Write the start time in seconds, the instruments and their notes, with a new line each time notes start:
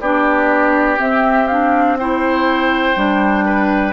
0.00 bassoon B3, clarinet D4, oboe G4, flute D5
0.97 clarinet C4, bassoon C4, flute E5
1.48 clarinet D4, flute F5
1.98 clarinet E4, oboe C5, flute G5
2.95 bassoon G3, clarinet D4
3.45 oboe B4